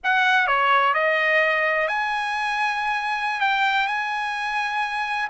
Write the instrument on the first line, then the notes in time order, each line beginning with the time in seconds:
trumpet
0.03 F#5
0.47 C#5
0.94 D#5
1.87 G#5
3.40 G5
3.87 G#5